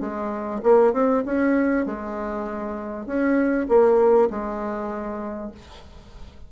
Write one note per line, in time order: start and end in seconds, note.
0.00 0.61 G#3
0.63 0.93 A#3
0.93 1.23 C4
1.25 1.85 C#4
1.85 3.06 G#3
3.06 3.67 C#4
3.68 4.29 A#3
4.30 5.51 G#3